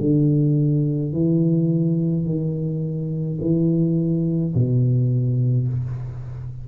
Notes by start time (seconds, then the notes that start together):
0.00 D3
1.13 E3
2.25 D#3
3.41 E3
4.54 B2